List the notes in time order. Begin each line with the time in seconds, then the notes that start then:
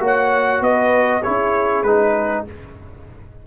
0.00 A#3 F#4 C#5
0.07 F#5
0.61 B3 B4 D#5
1.23 C#4 E4 G#4 C#5
1.83 G#3 D#4 B4